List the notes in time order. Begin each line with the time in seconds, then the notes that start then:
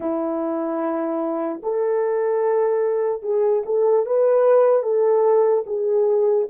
0.00 E4
1.62 A4
3.22 G#4
3.65 A4
4.05 B4
4.82 A4
5.66 G#4